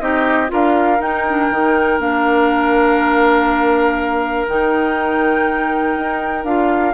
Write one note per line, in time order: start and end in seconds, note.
0.00 0.50 C4
0.00 0.48 D#4
0.00 0.52 G4
0.00 0.50 D#5
0.48 1.00 D4
0.48 0.98 F4
0.48 6.94 A#4
0.48 1.01 F5
1.00 1.49 D#4
1.00 1.25 D#4
1.00 2.01 G5
1.29 1.52 D4
1.50 1.99 D#3
1.50 1.99 D#4
1.99 4.47 A#3
1.99 4.47 D4
1.99 4.48 F5
4.48 5.96 D#3
4.48 6.46 D#4
4.48 6.45 G5
5.96 6.44 D#4
6.44 6.94 D4
6.44 6.94 F4
6.44 6.94 F5